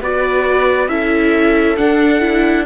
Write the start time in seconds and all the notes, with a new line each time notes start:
0.00 B3 F#4 B4 D5
0.88 C#4 E4 A4 E5
1.76 D4 F#5
2.20 E4